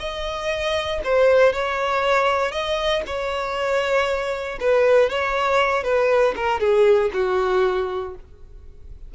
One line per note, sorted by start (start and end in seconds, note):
0.00 1.02 D#5
1.05 1.53 C5
1.53 2.52 C#5
2.52 3.03 D#5
3.07 4.59 C#5
4.60 5.10 B4
5.10 5.84 C#5
5.84 6.35 B4
6.37 6.61 A#4
6.61 7.11 G#4
7.13 8.15 F#4